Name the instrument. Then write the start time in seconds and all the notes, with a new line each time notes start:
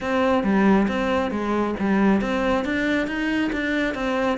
cello
0.00 C4
0.43 G3
0.88 C4
1.30 G#3
1.79 G3
2.21 C4
2.64 D4
3.07 D#4
3.52 D4
3.94 C4